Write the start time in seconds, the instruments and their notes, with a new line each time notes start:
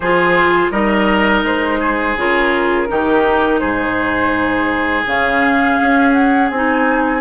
0.00 bassoon F3, clarinet F4, oboe G#4, flute C5
0.71 bassoon G3, clarinet D#4, oboe A#4, flute D#5
1.43 bassoon G#3, flute C5
1.79 oboe G#4
2.16 bassoon C#3, clarinet F4, flute A#4
2.87 bassoon D#3, clarinet D#4, oboe G4
3.59 bassoon G#2, oboe G#4, flute C5
5.06 bassoon C#3, clarinet C#4, flute F5
5.81 bassoon C#4
6.12 flute F#5
6.50 bassoon C4, clarinet D#4, flute G#5